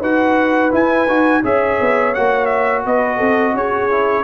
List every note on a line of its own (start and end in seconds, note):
0.00 0.71 D#4
0.00 0.71 F#4
0.00 1.41 B4
0.00 0.73 F#5
0.71 1.07 E4
0.71 1.08 E4
0.71 1.45 G#5
1.08 1.43 D#4
1.08 1.43 F#4
1.43 1.79 C#4
1.43 2.14 G#4
1.43 2.85 C#5
1.43 2.15 E5
1.81 2.16 B3
2.15 2.86 A#3
2.15 3.91 F#4
2.15 2.46 F#5
2.46 2.81 E5
2.85 3.20 B3
2.85 3.17 B4
2.85 3.57 D#5
3.17 3.54 C4
3.17 3.53 A4
3.54 4.24 C#4
3.54 4.24 G#4
3.54 4.24 C#5
3.91 4.24 E4